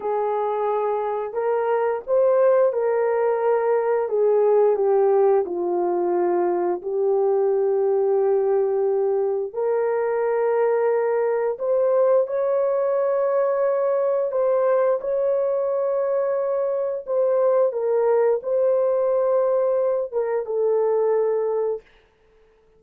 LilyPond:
\new Staff \with { instrumentName = "horn" } { \time 4/4 \tempo 4 = 88 gis'2 ais'4 c''4 | ais'2 gis'4 g'4 | f'2 g'2~ | g'2 ais'2~ |
ais'4 c''4 cis''2~ | cis''4 c''4 cis''2~ | cis''4 c''4 ais'4 c''4~ | c''4. ais'8 a'2 | }